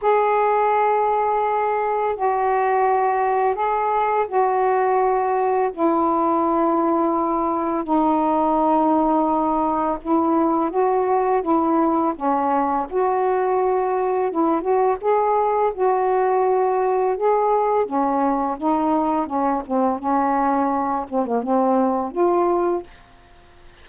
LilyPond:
\new Staff \with { instrumentName = "saxophone" } { \time 4/4 \tempo 4 = 84 gis'2. fis'4~ | fis'4 gis'4 fis'2 | e'2. dis'4~ | dis'2 e'4 fis'4 |
e'4 cis'4 fis'2 | e'8 fis'8 gis'4 fis'2 | gis'4 cis'4 dis'4 cis'8 c'8 | cis'4. c'16 ais16 c'4 f'4 | }